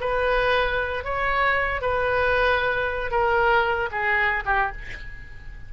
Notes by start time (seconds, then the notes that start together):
0.00 B4
1.04 C#5
1.81 B4
3.11 A#4
3.91 G#4
4.45 G4